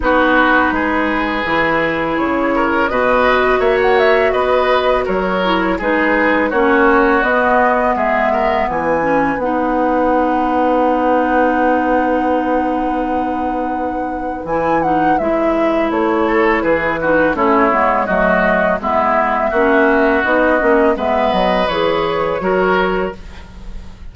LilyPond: <<
  \new Staff \with { instrumentName = "flute" } { \time 4/4 \tempo 4 = 83 b'2. cis''4 | dis''4 e''16 fis''16 e''8 dis''4 cis''4 | b'4 cis''4 dis''4 e''4 | gis''4 fis''2.~ |
fis''1 | gis''8 fis''8 e''4 cis''4 b'4 | cis''4 dis''4 e''2 | dis''4 e''8 dis''8 cis''2 | }
  \new Staff \with { instrumentName = "oboe" } { \time 4/4 fis'4 gis'2~ gis'8 ais'8 | b'4 cis''4 b'4 ais'4 | gis'4 fis'2 gis'8 ais'8 | b'1~ |
b'1~ | b'2~ b'8 a'8 gis'8 fis'8 | e'4 fis'4 e'4 fis'4~ | fis'4 b'2 ais'4 | }
  \new Staff \with { instrumentName = "clarinet" } { \time 4/4 dis'2 e'2 | fis'2.~ fis'8 e'8 | dis'4 cis'4 b2~ | b8 cis'8 dis'2.~ |
dis'1 | e'8 dis'8 e'2~ e'8 dis'8 | cis'8 b8 a4 b4 cis'4 | dis'8 cis'8 b4 gis'4 fis'4 | }
  \new Staff \with { instrumentName = "bassoon" } { \time 4/4 b4 gis4 e4 cis4 | b,4 ais4 b4 fis4 | gis4 ais4 b4 gis4 | e4 b2.~ |
b1 | e4 gis4 a4 e4 | a8 gis8 fis4 gis4 ais4 | b8 ais8 gis8 fis8 e4 fis4 | }
>>